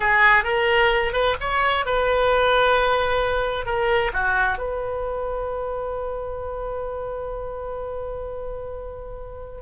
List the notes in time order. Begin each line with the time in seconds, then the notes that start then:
0.00 G#4
0.44 A#4
1.12 B4
1.40 C#5
1.85 B4
3.65 A#4
4.13 F#4
4.58 B4